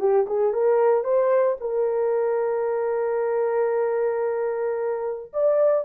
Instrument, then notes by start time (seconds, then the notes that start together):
horn
0.00 G4
0.27 G#4
0.54 A#4
1.04 C5
1.61 A#4
5.34 D5